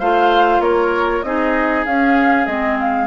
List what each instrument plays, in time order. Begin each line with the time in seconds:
0.00 bassoon A3, clarinet F4, oboe C5, flute F5
0.60 bassoon A#3, oboe A#4, flute C#5
1.23 bassoon C4, clarinet D#4, oboe G#4, flute D#5
1.86 bassoon C#4, clarinet C#4, flute F5
2.47 bassoon G#3, clarinet C4, flute D#5
2.80 flute F5